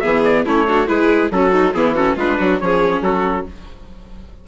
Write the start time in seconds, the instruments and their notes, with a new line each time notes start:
0.00 bassoon E3, viola B3, violin G#4, trumpet E5
0.25 trumpet D5
0.45 bassoon A3, viola C#4, violin E4, trumpet C#5
0.68 viola D4, violin F#4
0.87 bassoon G#3, viola E4, violin G#4, trumpet B4
1.31 bassoon F#3, violin C#4, viola F#4, trumpet A4
1.52 violin D#4
1.74 bassoon E3, viola B3, violin E4, trumpet G#4
1.95 viola C#4, violin F#4, trumpet A4
2.16 bassoon G#3, viola D4, violin F4, trumpet B4
2.38 bassoon F#3, violin F#4
2.60 bassoon F3, viola C#4, violin G#4, trumpet C#5
3.02 bassoon F#3, violin F#4, trumpet A4